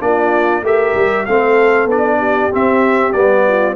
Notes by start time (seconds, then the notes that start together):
0.00 A#3 D4 F4 D5
0.62 A3 G4 A#4 E5
0.95 G3
1.25 A3 C4 A4 F5
1.85 B3 D4 D5
2.18 G4
2.51 C4 E5
3.12 G3 B3 D5
3.47 F4